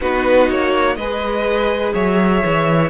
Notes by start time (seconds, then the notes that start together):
0.00 B3 D#4 F#4 B4
0.49 A#3 C#5
0.96 G#3 G#4 B4 D#5
1.94 F#3 C#5 E5
2.45 E3